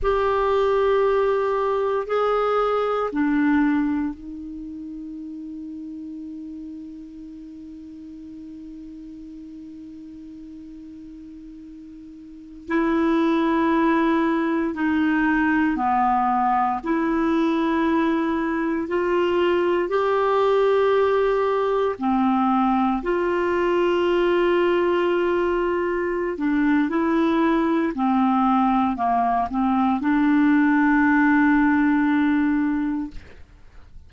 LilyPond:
\new Staff \with { instrumentName = "clarinet" } { \time 4/4 \tempo 4 = 58 g'2 gis'4 d'4 | dis'1~ | dis'1~ | dis'16 e'2 dis'4 b8.~ |
b16 e'2 f'4 g'8.~ | g'4~ g'16 c'4 f'4.~ f'16~ | f'4. d'8 e'4 c'4 | ais8 c'8 d'2. | }